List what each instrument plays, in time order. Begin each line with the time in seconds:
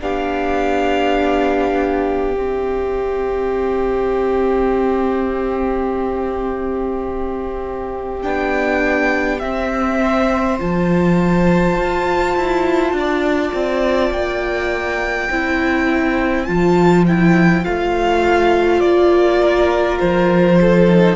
0.00 cello B3, viola D4, violin G4 F5
2.34 cello C4, viola C4, violin E5
8.22 cello B3, viola D4, violin G5
9.39 viola C4, cello C4, violin E5
10.01 violin C5
10.59 cello F3, viola F4, violin A5
11.77 cello F4
12.36 cello E4
12.92 cello D4, violin D5
13.53 cello C4
14.11 cello A#3, violin G5
15.30 cello C4, viola E4, violin C5
16.45 cello F3, viola F4, violin A5
17.07 viola E4, violin G5
17.64 cello A3, viola F4, violin F5
18.80 cello A#3, violin D5
19.42 violin A#4
19.99 cello F3, violin C5
20.61 violin A4
20.87 viola D#4